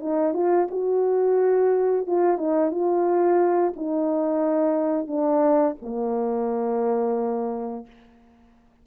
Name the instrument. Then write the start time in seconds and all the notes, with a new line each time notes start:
horn
0.00 D#4
0.34 F4
0.71 F#4
2.07 F4
2.38 D#4
2.71 F4
3.76 D#4
5.08 D4
5.82 A#3